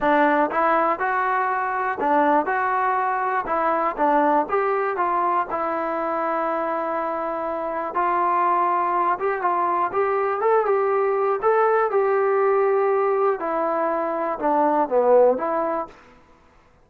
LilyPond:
\new Staff \with { instrumentName = "trombone" } { \time 4/4 \tempo 4 = 121 d'4 e'4 fis'2 | d'4 fis'2 e'4 | d'4 g'4 f'4 e'4~ | e'1 |
f'2~ f'8 g'8 f'4 | g'4 a'8 g'4. a'4 | g'2. e'4~ | e'4 d'4 b4 e'4 | }